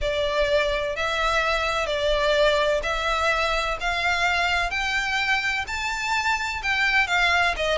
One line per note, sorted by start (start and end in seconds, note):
0.01 0.96 D5
0.96 1.86 E5
1.86 2.81 D5
2.83 3.77 E5
3.80 4.70 F5
4.70 5.65 G5
5.67 6.61 A5
6.62 7.07 G5
7.07 7.54 F5
7.56 7.78 D#5